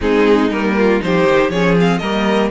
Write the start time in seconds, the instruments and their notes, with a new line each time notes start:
0.00 cello G#3, viola C4, violin D#4 G#4
0.50 cello G3, viola A#3, violin A#4
0.76 violin F4
1.00 cello F3, viola D#4, violin G4 C5
1.24 cello D#3
1.49 cello F3, viola C#4, violin G#4 C#5
1.78 viola C4, violin F5
1.98 cello G3, viola A#3, violin A#4 D#5